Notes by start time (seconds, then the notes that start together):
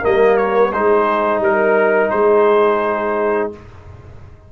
0.00 G3 A#3 A#4 D#5
0.37 C#5
0.72 G#3 D#4 G#4 C5
1.39 G3 A#4
2.10 G#3 G#4 C5